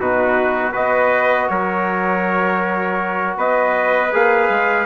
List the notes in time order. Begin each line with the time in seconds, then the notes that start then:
0.00 B2 D#4 F#4 B4
0.73 B3 F#4 B4 D#5
1.49 F#3 A#4 C#5
3.37 B3 B4 D#5
4.12 A#3 G#4 F5
4.50 G#3